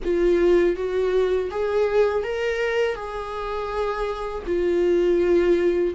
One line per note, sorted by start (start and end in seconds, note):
0.04 0.75 F4
0.75 1.49 F#4
1.51 2.23 G#4
2.23 2.95 A#4
2.95 4.43 G#4
4.46 5.94 F4